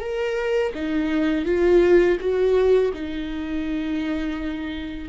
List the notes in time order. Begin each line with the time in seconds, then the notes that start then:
0.00 A#4
0.74 D#4
1.45 F4
2.20 F#4
2.93 D#4